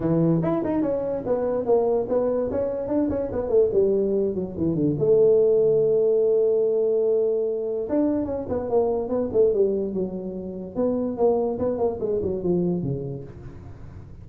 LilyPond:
\new Staff \with { instrumentName = "tuba" } { \time 4/4 \tempo 4 = 145 e4 e'8 dis'8 cis'4 b4 | ais4 b4 cis'4 d'8 cis'8 | b8 a8 g4. fis8 e8 d8 | a1~ |
a2. d'4 | cis'8 b8 ais4 b8 a8 g4 | fis2 b4 ais4 | b8 ais8 gis8 fis8 f4 cis4 | }